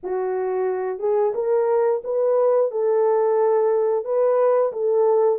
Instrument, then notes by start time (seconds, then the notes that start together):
horn
0.03 F#4
0.99 G#4
1.34 A#4
2.03 B4
2.71 A4
4.04 B4
4.72 A4